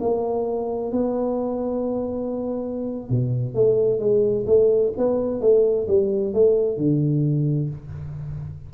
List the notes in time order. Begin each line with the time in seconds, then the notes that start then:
0.00 A#3
0.92 B3
3.10 B2
3.55 A3
3.99 G#3
4.46 A3
4.97 B3
5.41 A3
5.88 G3
6.34 A3
6.77 D3